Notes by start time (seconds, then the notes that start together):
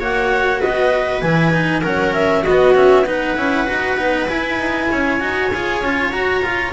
0.00 A#3 F#4 C#5 F#5
0.60 B3 B4 D#5
1.21 E3 E4 G#5
1.52 D#4
1.82 F#3 C#4 A#4 F#5
2.14 E5
2.43 B3 F#4 D#5
2.49 B3
2.75 C#4 E5
3.07 D#4 B4 F#5
3.37 C#4 E4
3.67 D#4 F#4
3.97 B3 D#4
4.28 E4 G#5
4.59 D#4
4.91 C#4 C#5
5.20 D#4 F#4
5.53 F4 G#4
5.81 C#4 F4
6.11 F#4 A#5
6.43 F4